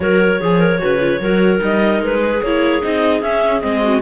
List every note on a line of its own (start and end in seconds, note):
0.00 0.40 F#3
0.00 0.41 F#4
0.00 0.40 A#4
0.00 1.60 C#5
0.40 0.81 F3
0.40 0.59 G#4
0.40 0.78 G#4
0.59 0.79 A#4
0.78 1.20 C#3
0.78 0.98 F#4
0.78 1.21 B4
0.99 1.20 F4
1.20 1.60 F#3
1.20 1.58 F#4
1.20 2.20 A#4
1.58 2.01 G3
1.58 2.39 D#4
1.58 2.03 D#5
2.01 2.41 G#3
2.01 2.43 B4
2.20 3.81 G#4
2.42 2.82 A#3
2.42 2.81 E4
2.42 2.83 C#5
2.81 3.22 C4
2.81 3.21 D#4
2.81 3.22 D#5
3.22 3.62 C#4
3.22 3.60 C#4
3.22 3.61 E5
3.60 4.01 G#3
3.60 4.01 C4
3.60 4.01 D#5
3.82 4.01 F#4